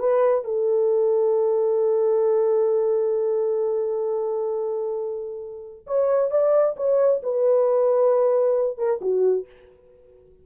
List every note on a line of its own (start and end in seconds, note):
0.00 0.45 B4
0.45 5.86 A4
5.87 6.31 C#5
6.31 6.76 D5
6.77 7.22 C#5
7.23 8.78 B4
8.78 9.01 A#4
9.02 9.47 F#4